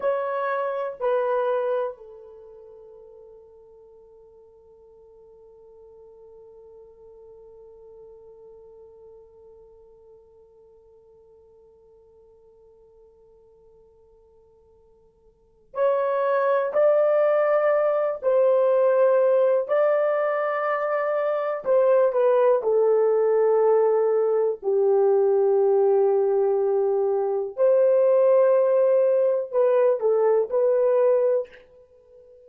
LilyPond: \new Staff \with { instrumentName = "horn" } { \time 4/4 \tempo 4 = 61 cis''4 b'4 a'2~ | a'1~ | a'1~ | a'1 |
cis''4 d''4. c''4. | d''2 c''8 b'8 a'4~ | a'4 g'2. | c''2 b'8 a'8 b'4 | }